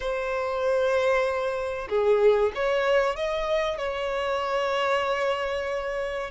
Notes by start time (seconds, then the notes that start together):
0.00 C5
1.89 G#4
2.54 C#5
3.16 D#5
3.77 C#5